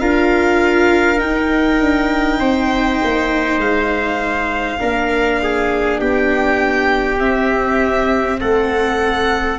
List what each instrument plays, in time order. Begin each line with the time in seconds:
0.00 tuba D4, viola F4, trumpet A#4, violin F5
1.18 viola D#4, tuba D#4, violin G5
1.80 tuba D4
2.40 tuba C4, trumpet C5
3.04 tuba A#3
3.58 tuba G#3, violin F5
4.79 tuba A#3, viola D4, trumpet A#4
5.43 trumpet G#4
6.00 tuba B3, trumpet G4, violin G5
7.20 tuba C4, viola C4, violin E5
8.40 tuba A3, trumpet A4, violin F#5